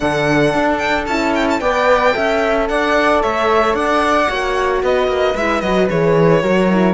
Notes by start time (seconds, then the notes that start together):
0.00 D3 D4 A4 F#5
0.54 D4
0.78 G5
1.06 C#4 E4 A5
1.34 G5
1.50 A5
1.59 B3 B4 D5 G5
2.12 C#4 A4 E5
2.68 D4 D5 F#5
3.22 A3 C#5 E5
3.74 D4 D5 F#5
4.28 A#3 F#4 C#5
4.82 B3 B4 D#5
5.07 A#3
5.35 G#3 E4 E5
5.60 F#3 F#4 D#5
5.89 E3 G#4 C#5
6.42 F#3 F#4 A#4
6.70 E4